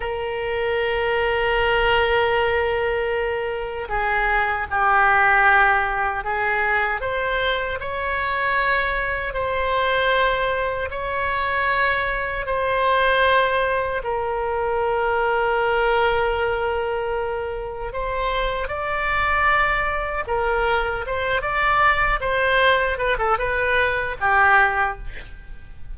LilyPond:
\new Staff \with { instrumentName = "oboe" } { \time 4/4 \tempo 4 = 77 ais'1~ | ais'4 gis'4 g'2 | gis'4 c''4 cis''2 | c''2 cis''2 |
c''2 ais'2~ | ais'2. c''4 | d''2 ais'4 c''8 d''8~ | d''8 c''4 b'16 a'16 b'4 g'4 | }